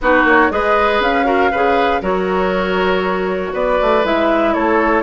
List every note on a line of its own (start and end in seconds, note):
0.01 0.24 B3
0.01 0.50 D#4
0.01 0.52 F#4
0.01 0.27 B4
0.24 0.49 A#3
0.24 0.51 C#5
0.50 0.99 G#3
0.50 1.24 G#4
0.50 1.25 B4
0.50 1.01 D#5
0.99 1.50 C#4
0.99 2.03 F5
1.24 1.49 F#4
1.24 1.51 A#4
1.51 2.01 C#3
1.51 2.01 G#4
1.51 2.01 B4
2.01 3.53 F#3
2.01 4.02 F#4
2.01 3.53 A#4
2.01 3.54 C#5
3.53 3.78 B3
3.53 4.53 B4
3.53 4.05 D5
3.81 4.04 A3
4.04 4.54 G#3
4.04 5.03 E4
4.04 4.53 E5
4.53 5.03 A3
4.53 5.03 A4
4.53 5.03 C#5